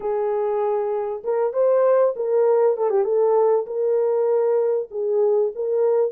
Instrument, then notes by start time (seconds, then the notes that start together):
horn
0.00 G#4
1.24 A#4
1.53 C5
2.16 A#4
2.77 A4
2.89 G4
3.04 A4
3.66 A#4
4.90 G#4
5.55 A#4